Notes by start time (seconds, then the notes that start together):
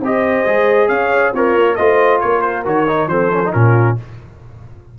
0.00 C4 G4 C5 D#5
0.46 G#3 G#4
0.88 C#4 C#5 F5
1.32 C4 F4 A#4 C#5
1.55 A#3
1.76 A3 F4 C5 D#5
2.20 A#3 A#4 C#5
2.41 C5
2.65 D#3 F#4 C#5
2.88 D#4
3.07 F3 C4 A4 C5
3.32 C#4
3.45 D#4
3.53 A#2 C#4 F4 A#4